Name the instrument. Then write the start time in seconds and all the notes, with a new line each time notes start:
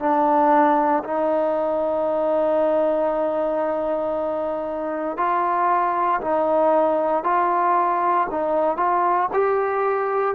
trombone
0.00 D4
1.04 D#4
5.17 F4
6.21 D#4
7.24 F4
8.30 D#4
8.77 F4
9.33 G4